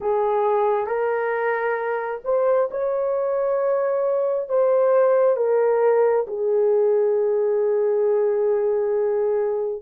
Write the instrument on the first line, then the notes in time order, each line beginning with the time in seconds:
horn
0.00 G#4
0.86 A#4
2.24 C5
2.71 C#5
4.49 C5
5.36 A#4
6.27 G#4